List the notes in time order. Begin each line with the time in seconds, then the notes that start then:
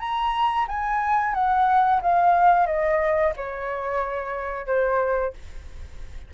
0.00 A#5
0.68 G#5
1.35 F#5
2.02 F5
2.67 D#5
3.37 C#5
4.67 C5